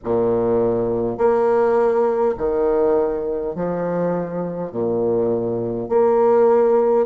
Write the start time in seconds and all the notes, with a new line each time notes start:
0.04 A#2
1.17 A#3
2.37 D#3
3.55 F3
4.71 A#2
5.88 A#3